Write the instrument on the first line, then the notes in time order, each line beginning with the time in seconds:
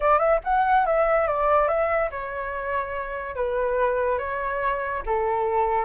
flute
0.00 D5
0.18 E5
0.44 F#5
0.86 E5
1.27 D5
1.68 E5
2.11 C#5
3.35 B4
4.18 C#5
5.06 A4